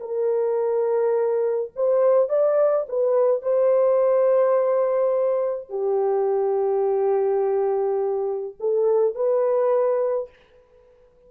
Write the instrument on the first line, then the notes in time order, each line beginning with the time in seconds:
horn
0.00 A#4
1.76 C5
2.30 D5
2.89 B4
3.43 C5
5.70 G4
8.60 A4
9.16 B4